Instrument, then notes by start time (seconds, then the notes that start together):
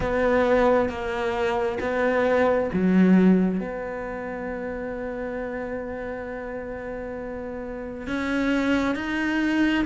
cello
0.00 B3
0.89 A#3
1.80 B3
2.73 F#3
3.59 B3
8.07 C#4
8.95 D#4